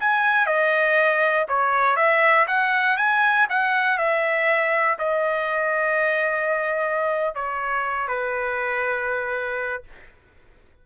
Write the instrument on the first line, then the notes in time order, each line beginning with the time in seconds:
trumpet
0.00 G#5
0.46 D#5
1.48 C#5
1.96 E5
2.47 F#5
2.97 G#5
3.50 F#5
3.98 E5
4.99 D#5
7.35 C#5
8.08 B4